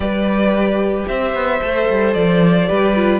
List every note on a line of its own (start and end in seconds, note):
0.00 1.05 G3
0.00 1.60 G4
0.00 1.08 B4
0.00 1.07 D5
1.07 1.33 C4
1.07 2.68 C5
1.07 2.13 E5
1.33 1.60 B3
1.62 1.89 A3
1.62 2.67 A4
1.89 2.15 G3
2.13 2.69 F3
2.13 3.20 D5
2.67 3.20 G3
2.67 2.94 G4
2.67 3.20 B4
2.95 3.20 F4